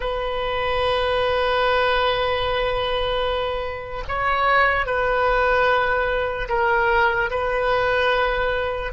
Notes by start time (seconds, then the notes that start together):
0.00 B4
4.08 C#5
4.86 B4
6.49 A#4
7.30 B4